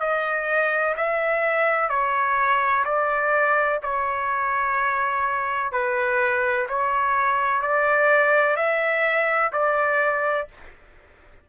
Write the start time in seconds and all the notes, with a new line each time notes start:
0.00 D#5
0.97 E5
1.89 C#5
2.85 D5
3.83 C#5
5.72 B4
6.69 C#5
7.62 D5
8.57 E5
9.53 D5